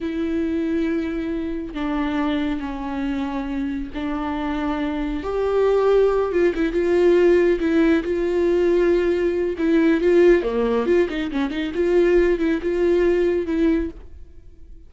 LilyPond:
\new Staff \with { instrumentName = "viola" } { \time 4/4 \tempo 4 = 138 e'1 | d'2 cis'2~ | cis'4 d'2. | g'2~ g'8 f'8 e'8 f'8~ |
f'4. e'4 f'4.~ | f'2 e'4 f'4 | ais4 f'8 dis'8 cis'8 dis'8 f'4~ | f'8 e'8 f'2 e'4 | }